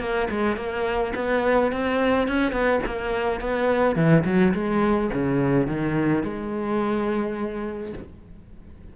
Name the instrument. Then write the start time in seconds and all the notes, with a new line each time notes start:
cello
0.00 A#3
0.31 G#3
0.57 A#3
1.16 B3
1.72 C4
2.28 C#4
2.52 B3
2.86 A#3
3.41 B3
3.96 E3
4.25 F#3
4.54 G#3
5.13 C#3
5.68 D#3
6.24 G#3